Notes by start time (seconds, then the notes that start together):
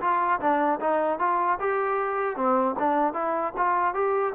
0.00 F4
0.40 D4
0.80 D#4
1.19 F4
1.59 G4
2.36 C4
2.79 D4
3.13 E4
3.57 F4
3.94 G4